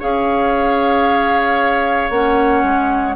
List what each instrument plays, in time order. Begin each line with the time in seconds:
0.00 bassoon C#4, clarinet G#4, oboe C#5, flute F5
2.11 bassoon A#3, clarinet C#4, flute F#5
2.64 bassoon G#3